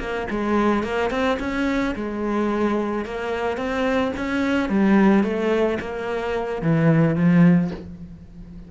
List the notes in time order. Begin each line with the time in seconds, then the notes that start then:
0.00 A#3
0.31 G#3
0.84 A#3
1.11 C4
1.40 C#4
1.96 G#3
3.06 A#3
3.58 C4
4.17 C#4
4.70 G3
5.24 A3
5.80 A#3
6.63 E3
7.16 F3